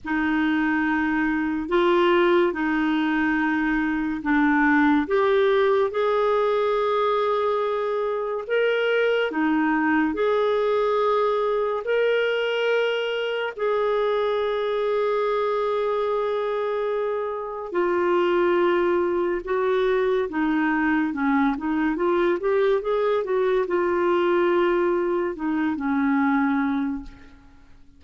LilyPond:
\new Staff \with { instrumentName = "clarinet" } { \time 4/4 \tempo 4 = 71 dis'2 f'4 dis'4~ | dis'4 d'4 g'4 gis'4~ | gis'2 ais'4 dis'4 | gis'2 ais'2 |
gis'1~ | gis'4 f'2 fis'4 | dis'4 cis'8 dis'8 f'8 g'8 gis'8 fis'8 | f'2 dis'8 cis'4. | }